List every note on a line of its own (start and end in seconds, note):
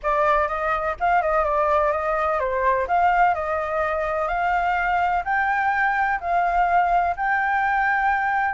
0.02 0.48 D5
0.48 0.95 D#5
1.00 1.22 F5
1.22 1.44 D#5
1.44 1.92 D5
1.92 2.39 D#5
2.39 2.87 C5
2.87 3.34 F5
3.34 4.28 D#5
4.28 5.23 F5
5.24 6.19 G5
6.20 7.15 F5
7.16 8.54 G5